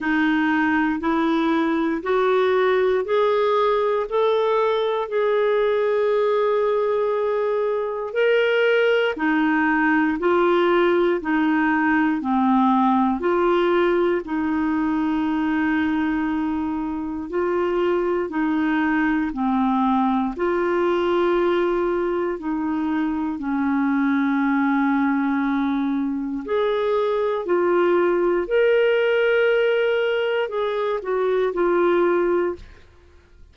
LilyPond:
\new Staff \with { instrumentName = "clarinet" } { \time 4/4 \tempo 4 = 59 dis'4 e'4 fis'4 gis'4 | a'4 gis'2. | ais'4 dis'4 f'4 dis'4 | c'4 f'4 dis'2~ |
dis'4 f'4 dis'4 c'4 | f'2 dis'4 cis'4~ | cis'2 gis'4 f'4 | ais'2 gis'8 fis'8 f'4 | }